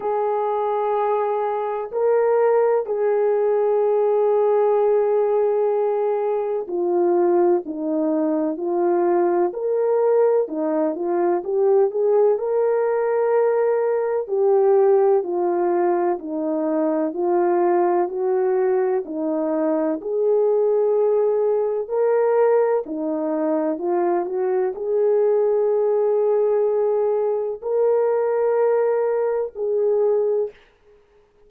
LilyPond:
\new Staff \with { instrumentName = "horn" } { \time 4/4 \tempo 4 = 63 gis'2 ais'4 gis'4~ | gis'2. f'4 | dis'4 f'4 ais'4 dis'8 f'8 | g'8 gis'8 ais'2 g'4 |
f'4 dis'4 f'4 fis'4 | dis'4 gis'2 ais'4 | dis'4 f'8 fis'8 gis'2~ | gis'4 ais'2 gis'4 | }